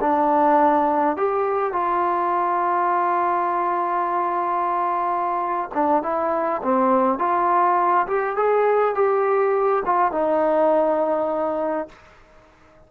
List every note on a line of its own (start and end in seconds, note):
0.00 1.16 D4
1.16 1.72 G4
1.72 5.69 F4
5.74 6.02 D4
6.02 6.61 E4
6.62 7.18 C4
7.18 8.06 F4
8.06 8.36 G4
8.36 8.94 G#4
8.94 9.82 G4
9.85 10.11 F4
10.11 11.88 D#4